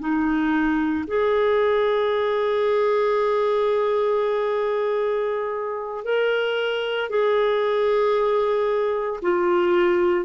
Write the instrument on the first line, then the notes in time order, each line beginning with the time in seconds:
clarinet
0.00 D#4
1.08 G#4
6.05 A#4
7.10 G#4
9.22 F4